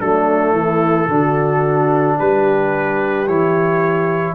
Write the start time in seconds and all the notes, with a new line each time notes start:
0.00 F#3 A3 D4 A4
0.52 E3 E4
1.07 D3 D4 F#4
2.18 G3 G4 B4
3.27 E3 E4 C#5